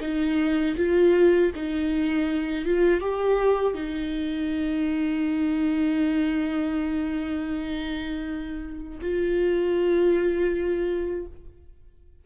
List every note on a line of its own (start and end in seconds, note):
0.00 0.75 D#4
0.76 1.51 F4
1.55 2.65 D#4
2.65 3.00 F4
3.00 3.74 G4
3.74 8.99 D#4
9.01 11.26 F4